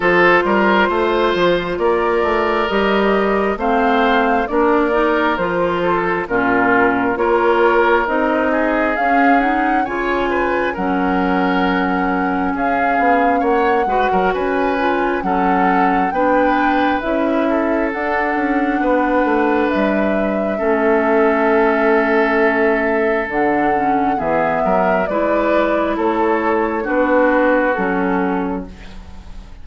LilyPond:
<<
  \new Staff \with { instrumentName = "flute" } { \time 4/4 \tempo 4 = 67 c''2 d''4 dis''4 | f''4 d''4 c''4 ais'4 | cis''4 dis''4 f''8 fis''8 gis''4 | fis''2 f''4 fis''4 |
gis''4 fis''4 g''4 e''4 | fis''2 e''2~ | e''2 fis''4 e''4 | d''4 cis''4 b'4 a'4 | }
  \new Staff \with { instrumentName = "oboe" } { \time 4/4 a'8 ais'8 c''4 ais'2 | c''4 ais'4. a'8 f'4 | ais'4. gis'4. cis''8 b'8 | ais'2 gis'4 cis''8 b'16 ais'16 |
b'4 a'4 b'4. a'8~ | a'4 b'2 a'4~ | a'2. gis'8 ais'8 | b'4 a'4 fis'2 | }
  \new Staff \with { instrumentName = "clarinet" } { \time 4/4 f'2. g'4 | c'4 d'8 dis'8 f'4 cis'4 | f'4 dis'4 cis'8 dis'8 f'4 | cis'2.~ cis'8 fis'8~ |
fis'8 f'8 cis'4 d'4 e'4 | d'2. cis'4~ | cis'2 d'8 cis'8 b4 | e'2 d'4 cis'4 | }
  \new Staff \with { instrumentName = "bassoon" } { \time 4/4 f8 g8 a8 f8 ais8 a8 g4 | a4 ais4 f4 ais,4 | ais4 c'4 cis'4 cis4 | fis2 cis'8 b8 ais8 gis16 fis16 |
cis'4 fis4 b4 cis'4 | d'8 cis'8 b8 a8 g4 a4~ | a2 d4 e8 fis8 | gis4 a4 b4 fis4 | }
>>